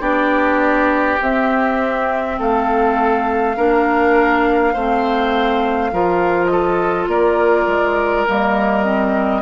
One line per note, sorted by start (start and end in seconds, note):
0.00 1.18 B3
0.00 1.18 D4
0.00 2.36 G4
0.00 1.19 D5
1.21 2.39 C4
1.21 3.57 C4
1.21 2.40 E5
2.39 3.57 A3
2.39 3.56 A4
2.39 6.46 F5
3.56 4.74 A#3
3.56 4.75 D4
3.56 4.73 A#4
4.73 5.92 A3
4.73 5.92 C4
4.73 5.91 C5
5.92 7.07 F3
5.92 8.27 F4
5.92 6.51 A#4
6.46 7.09 A4
6.46 7.04 D#5
7.07 7.66 A#3
7.07 9.41 A#4
7.07 8.27 D5
7.66 8.25 G#3
8.27 9.41 G3
8.27 8.84 A#3
8.27 9.41 D#5
8.84 9.41 C4